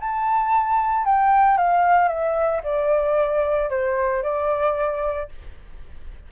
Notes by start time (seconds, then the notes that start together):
0.00 A5
1.05 G5
1.57 F5
2.08 E5
2.64 D5
3.70 C5
4.23 D5